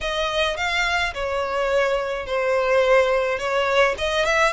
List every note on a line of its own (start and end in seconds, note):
0.00 0.57 D#5
0.57 1.13 F5
1.13 2.26 C#5
2.26 3.38 C5
3.38 3.95 C#5
3.98 4.25 D#5
4.25 4.52 E5